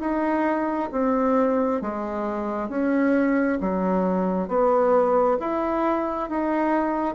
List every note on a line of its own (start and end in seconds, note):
0.00 0.90 D#4
0.92 1.82 C4
1.82 2.69 G#3
2.69 3.59 C#4
3.61 4.48 F#3
4.48 5.38 B3
5.40 6.30 E4
6.30 7.15 D#4